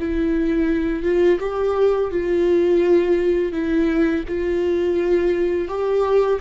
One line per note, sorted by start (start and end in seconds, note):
0.00 1.04 E4
1.04 1.39 F4
1.40 2.11 G4
2.11 3.53 F4
3.53 4.24 E4
4.29 5.69 F4
5.69 6.40 G4